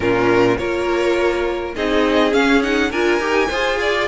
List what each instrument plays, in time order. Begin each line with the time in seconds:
0.00 cello A#2, viola C#4, violin F4 A#4
0.57 cello A#3, viola F4, violin A#4 C#5
1.75 cello C4, viola D#4, violin G#4 D#5
2.32 viola C#4, cello C#4, violin F5
2.62 viola D#4, violin F#5
2.90 cello D4, viola F4, violin A#4 G#5
3.19 cello D#4, viola G4
3.49 cello F4, viola G#4, violin C5
3.81 violin D5